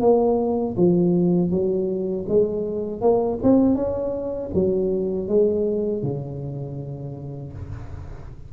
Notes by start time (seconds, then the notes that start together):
0.00 A#3
0.76 F3
1.50 F#3
2.28 G#3
3.01 A#3
3.42 C4
3.75 C#4
4.53 F#3
5.28 G#3
6.02 C#3